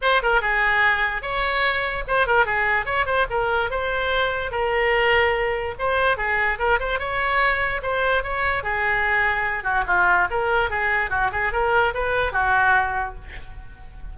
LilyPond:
\new Staff \with { instrumentName = "oboe" } { \time 4/4 \tempo 4 = 146 c''8 ais'8 gis'2 cis''4~ | cis''4 c''8 ais'8 gis'4 cis''8 c''8 | ais'4 c''2 ais'4~ | ais'2 c''4 gis'4 |
ais'8 c''8 cis''2 c''4 | cis''4 gis'2~ gis'8 fis'8 | f'4 ais'4 gis'4 fis'8 gis'8 | ais'4 b'4 fis'2 | }